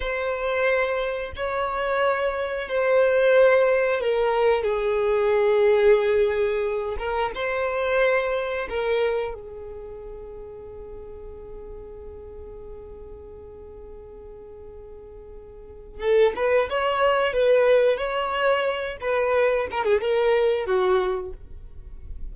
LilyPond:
\new Staff \with { instrumentName = "violin" } { \time 4/4 \tempo 4 = 90 c''2 cis''2 | c''2 ais'4 gis'4~ | gis'2~ gis'8 ais'8 c''4~ | c''4 ais'4 gis'2~ |
gis'1~ | gis'1 | a'8 b'8 cis''4 b'4 cis''4~ | cis''8 b'4 ais'16 gis'16 ais'4 fis'4 | }